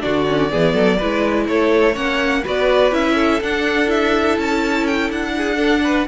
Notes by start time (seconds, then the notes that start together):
0.00 D3 D4 F#4 D5
0.26 C#4
0.50 E3 B3 G#4
0.74 F#3 A4
0.97 G#3 E4 B4
1.48 A3 A4 C#5
1.92 A#3 C#4 C#5 F#5
2.44 B3 F#4 B4 D5
2.91 C#4 E4 E5
3.14 A4
3.41 D4 F#5
3.86 E4 E5
4.38 C#4 A5
4.87 G5
5.10 D4 F#5
5.37 G#4
5.56 D4 A4
5.83 B4